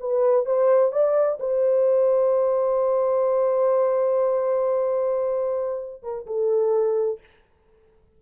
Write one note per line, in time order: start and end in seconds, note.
0.00 0.46 B4
0.46 0.92 C5
0.92 1.39 D5
1.40 6.03 C5
6.03 6.26 A#4
6.27 7.20 A4